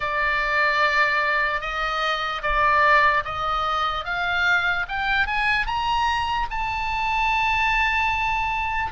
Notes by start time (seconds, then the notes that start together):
0.00 D5
1.60 D#5
2.42 D5
3.24 D#5
4.04 F5
4.88 G5
5.26 G#5
5.66 A#5
6.50 A5